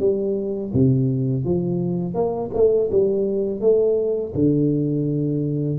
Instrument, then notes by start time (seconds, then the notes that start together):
tuba
0.00 G3
0.74 C3
1.45 F3
2.14 A#3
2.54 A3
2.91 G3
3.61 A3
4.35 D3